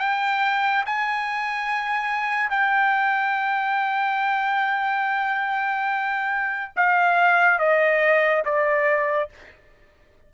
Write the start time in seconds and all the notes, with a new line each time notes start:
0.00 G5
0.86 G#5
2.50 G5
6.76 F5
7.59 D#5
8.45 D5